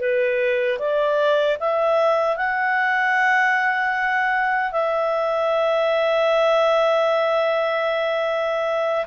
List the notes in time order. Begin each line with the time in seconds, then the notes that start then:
0.00 B4
0.79 D5
1.60 E5
2.37 F#5
4.72 E5